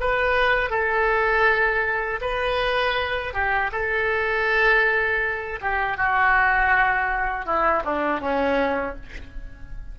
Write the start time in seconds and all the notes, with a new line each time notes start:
0.00 B4
0.70 A4
2.21 B4
3.34 G4
3.72 A4
5.61 G4
5.97 F#4
7.46 E4
7.85 D4
8.21 C#4